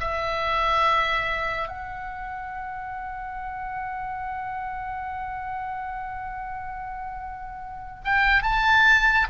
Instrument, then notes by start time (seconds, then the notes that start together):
oboe
0.00 E5
1.68 F#5
8.04 G5
8.43 A5